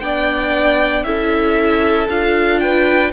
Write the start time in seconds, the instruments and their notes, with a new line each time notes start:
0.00 cello B3, viola D4, violin D5 G5
1.04 cello C#4, viola E4, violin A4 E5
2.09 cello D4, viola F4, violin F5
2.59 violin B4 G5